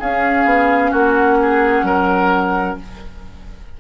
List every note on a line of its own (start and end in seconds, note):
0.00 0.45 C#4
0.00 2.80 C#4
0.00 0.91 G#4
0.00 0.93 F5
0.45 0.91 B3
0.91 1.83 A#3
0.91 1.37 F#4
0.91 2.77 F#5
1.42 1.86 G#4
1.83 2.75 F#3
1.83 2.78 A#4